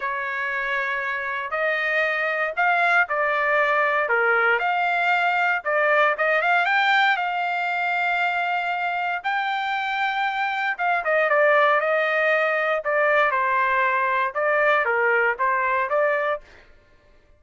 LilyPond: \new Staff \with { instrumentName = "trumpet" } { \time 4/4 \tempo 4 = 117 cis''2. dis''4~ | dis''4 f''4 d''2 | ais'4 f''2 d''4 | dis''8 f''8 g''4 f''2~ |
f''2 g''2~ | g''4 f''8 dis''8 d''4 dis''4~ | dis''4 d''4 c''2 | d''4 ais'4 c''4 d''4 | }